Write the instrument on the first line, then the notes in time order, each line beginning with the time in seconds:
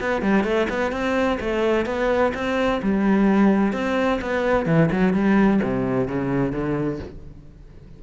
cello
0.00 B3
0.22 G3
0.43 A3
0.69 B3
0.91 C4
1.40 A3
1.85 B3
2.34 C4
2.82 G3
3.72 C4
4.21 B3
4.65 E3
4.91 F#3
5.13 G3
5.63 C3
6.07 C#3
6.52 D3